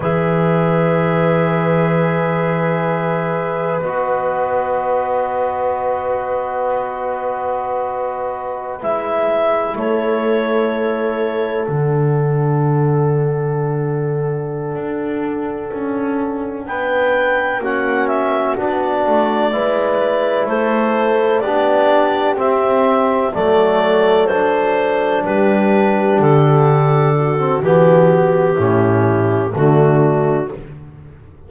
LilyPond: <<
  \new Staff \with { instrumentName = "clarinet" } { \time 4/4 \tempo 4 = 63 e''1 | dis''1~ | dis''4~ dis''16 e''4 cis''4.~ cis''16~ | cis''16 fis''2.~ fis''8.~ |
fis''4. g''4 fis''8 e''8 d''8~ | d''4. c''4 d''4 e''8~ | e''8 d''4 c''4 b'4 a'8~ | a'4 g'2 fis'4 | }
  \new Staff \with { instrumentName = "horn" } { \time 4/4 b'1~ | b'1~ | b'2~ b'16 a'4.~ a'16~ | a'1~ |
a'4. b'4 fis'4.~ | fis'8 b'4 a'4 g'4.~ | g'8 a'2 g'4.~ | g'8 fis'4. e'4 d'4 | }
  \new Staff \with { instrumentName = "trombone" } { \time 4/4 gis'1 | fis'1~ | fis'4~ fis'16 e'2~ e'8.~ | e'16 d'2.~ d'8.~ |
d'2~ d'8 cis'4 d'8~ | d'8 e'2 d'4 c'8~ | c'8 a4 d'2~ d'8~ | d'8. c'16 b4 cis'4 a4 | }
  \new Staff \with { instrumentName = "double bass" } { \time 4/4 e1 | b1~ | b4~ b16 gis4 a4.~ a16~ | a16 d2.~ d16 d'8~ |
d'8 cis'4 b4 ais4 b8 | a8 gis4 a4 b4 c'8~ | c'8 fis2 g4 d8~ | d4 e4 a,4 d4 | }
>>